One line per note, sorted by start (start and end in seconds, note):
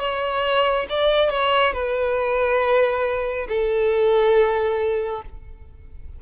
0.00 0.87 C#5
0.90 1.30 D5
1.30 1.74 C#5
1.74 3.47 B4
3.49 5.23 A4